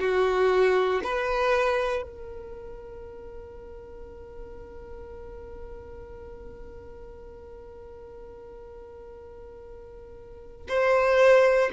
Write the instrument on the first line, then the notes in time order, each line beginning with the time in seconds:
violin
0.00 F#4
1.04 B4
2.02 A#4
10.68 C5